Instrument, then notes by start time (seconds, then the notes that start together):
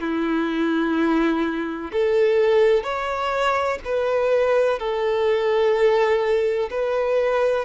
violin
0.00 E4
1.92 A4
2.83 C#5
3.84 B4
4.78 A4
6.70 B4